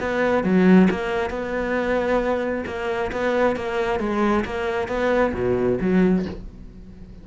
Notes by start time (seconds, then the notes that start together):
0.00 B3
0.43 F#3
0.90 A#3
1.30 B3
2.66 A#3
3.12 B3
3.56 A#3
3.99 G#3
4.45 A#3
4.88 B3
5.33 B2
5.80 F#3